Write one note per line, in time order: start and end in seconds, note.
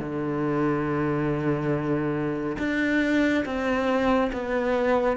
0.00 2.57 D3
2.59 3.44 D4
3.46 4.31 C4
4.32 5.17 B3